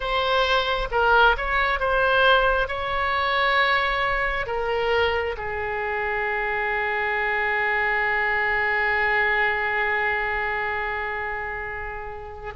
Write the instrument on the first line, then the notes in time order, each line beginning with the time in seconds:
oboe
0.00 C5
0.91 A#4
1.37 C#5
1.79 C5
2.68 C#5
4.46 A#4
5.37 G#4